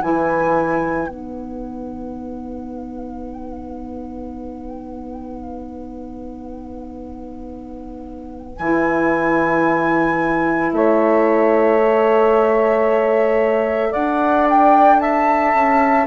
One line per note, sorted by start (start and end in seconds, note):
0.00 1.07 E3
0.00 1.08 E4
0.00 10.71 B4
0.00 1.09 G#5
1.07 8.57 B3
1.07 8.58 D#4
1.07 8.58 F#5
8.58 10.73 E3
8.58 11.80 E4
8.58 10.72 G#5
10.73 13.94 A3
10.73 13.91 C#5
10.73 13.94 E5
11.80 16.07 A4
13.91 15.54 D4
13.91 14.98 D5
13.91 14.47 F#5
14.50 15.00 G5
15.00 16.07 E5
15.00 16.07 A5
15.54 16.07 C#4